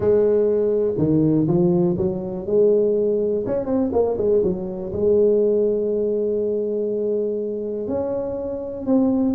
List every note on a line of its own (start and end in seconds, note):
0.00 0.94 G#3
0.97 1.47 D#3
1.47 1.96 F3
1.97 2.46 F#3
2.46 3.44 G#3
3.46 3.65 C#4
3.65 3.90 C4
3.92 4.17 A#3
4.17 4.42 G#3
4.43 4.92 F#3
4.92 7.87 G#3
7.87 8.85 C#4
8.85 9.34 C4